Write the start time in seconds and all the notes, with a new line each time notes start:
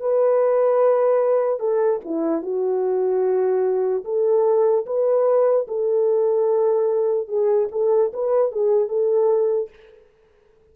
0.00 B4
1.60 A4
2.05 E4
2.42 F#4
4.05 A4
4.86 B4
5.68 A4
7.28 G#4
7.72 A4
8.13 B4
8.52 G#4
8.88 A4